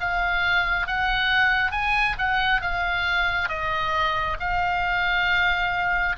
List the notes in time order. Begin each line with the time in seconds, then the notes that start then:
0.00 F5
0.87 F#5
1.71 G#5
2.18 F#5
2.61 F5
3.49 D#5
4.40 F5